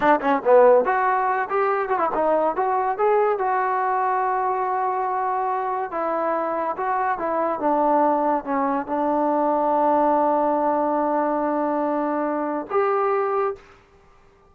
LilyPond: \new Staff \with { instrumentName = "trombone" } { \time 4/4 \tempo 4 = 142 d'8 cis'8 b4 fis'4. g'8~ | g'8 fis'16 e'16 dis'4 fis'4 gis'4 | fis'1~ | fis'2 e'2 |
fis'4 e'4 d'2 | cis'4 d'2.~ | d'1~ | d'2 g'2 | }